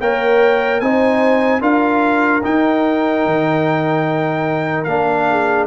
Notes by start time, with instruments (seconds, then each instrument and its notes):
0.00 tuba A#3, trombone A#4, horn C#5, trumpet G5
0.80 tuba C4, trombone D#4, horn C5, trumpet G#5
1.60 tuba D4, trombone F4, horn A#4, trumpet F5
2.43 trombone D#4, tuba D#4, trumpet G5
3.25 tuba D#3
4.84 tuba A#3, trombone D4, trumpet F5
5.30 horn G#4